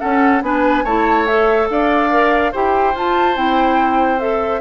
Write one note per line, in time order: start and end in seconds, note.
0.00 0.42 C#4
0.00 0.43 A4
0.00 0.42 F#5
0.42 0.84 B3
0.42 0.85 D4
0.42 0.84 B4
0.42 0.86 G#5
0.84 1.68 A3
0.84 1.28 E4
0.84 1.68 C#5
0.84 1.26 A5
1.26 2.11 A4
1.26 1.68 E5
1.70 2.53 D4
1.70 2.52 D5
1.70 2.54 F5
2.11 2.53 A#4
2.52 2.95 E4
2.52 2.94 G4
2.52 4.61 C5
2.52 2.97 G5
2.94 3.35 F4
2.94 3.36 F4
2.94 3.37 A5
3.35 4.61 C4
3.35 4.19 E4
3.35 4.20 G5
4.19 4.61 A4
4.19 4.61 E5